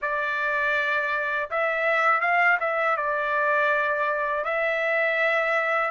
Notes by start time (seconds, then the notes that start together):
0.01 D5
1.50 E5
2.21 F5
2.60 E5
2.96 D5
4.44 E5